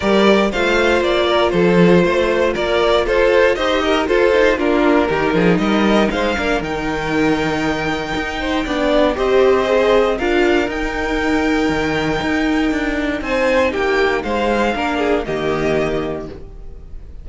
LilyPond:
<<
  \new Staff \with { instrumentName = "violin" } { \time 4/4 \tempo 4 = 118 d''4 f''4 d''4 c''4~ | c''4 d''4 c''4 dis''4 | c''4 ais'2 dis''4 | f''4 g''2.~ |
g''2 dis''2 | f''4 g''2.~ | g''2 gis''4 g''4 | f''2 dis''2 | }
  \new Staff \with { instrumentName = "violin" } { \time 4/4 ais'4 c''4. ais'8 a'4 | c''4 ais'4 a'4 c''8 ais'8 | a'4 f'4 g'8 gis'8 ais'4 | c''8 ais'2.~ ais'8~ |
ais'8 c''8 d''4 c''2 | ais'1~ | ais'2 c''4 g'4 | c''4 ais'8 gis'8 g'2 | }
  \new Staff \with { instrumentName = "viola" } { \time 4/4 g'4 f'2.~ | f'2. g'4 | f'8 dis'8 d'4 dis'2~ | dis'8 d'8 dis'2.~ |
dis'4 d'4 g'4 gis'4 | f'4 dis'2.~ | dis'1~ | dis'4 d'4 ais2 | }
  \new Staff \with { instrumentName = "cello" } { \time 4/4 g4 a4 ais4 f4 | a4 ais4 f'4 dis'4 | f'4 ais4 dis8 f8 g4 | gis8 ais8 dis2. |
dis'4 b4 c'2 | d'4 dis'2 dis4 | dis'4 d'4 c'4 ais4 | gis4 ais4 dis2 | }
>>